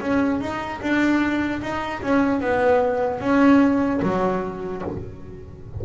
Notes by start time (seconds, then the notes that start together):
0.00 C#4
0.40 D#4
0.81 D4
1.61 D#4
2.02 C#4
2.40 B3
3.20 C#4
4.02 F#3